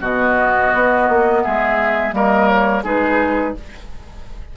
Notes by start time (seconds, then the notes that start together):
0.00 B2 B3 F#4 D#5
0.73 B3
1.08 A#3
1.42 G#3 G#4 E5
2.11 G3 A#3 A#4 D#5
2.47 C#5
2.83 G#3 D#4 G#4 B4